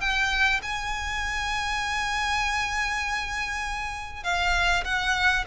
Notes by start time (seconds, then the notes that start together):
0.00 G5
0.63 G#5
4.23 F5
4.84 F#5